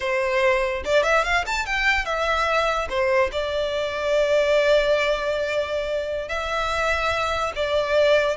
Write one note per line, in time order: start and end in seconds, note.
0.00 0.83 C5
0.84 1.03 D5
1.03 1.24 E5
1.24 1.44 F5
1.46 1.66 A5
1.66 2.05 G5
2.05 2.88 E5
2.89 3.30 C5
3.32 6.28 D5
6.28 7.52 E5
7.55 8.36 D5